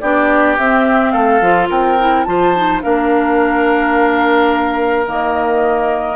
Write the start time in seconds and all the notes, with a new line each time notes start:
0.00 B3 D4 G4 D5
0.57 C4 E5
1.11 A3 A4 F5
1.41 F3 F4
1.69 C4 A#4 G5
1.99 E4
2.24 F3 F4 C5 A5
2.55 D#4
2.82 A#3 D4 A#4 F5
5.06 D#3 A#3 D#5